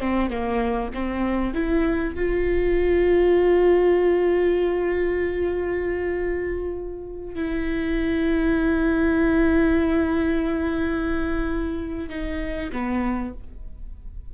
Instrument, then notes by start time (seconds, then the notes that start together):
viola
0.00 C4
0.30 A#3
0.94 C4
1.54 E4
2.16 F4
7.36 E4
12.09 D#4
12.73 B3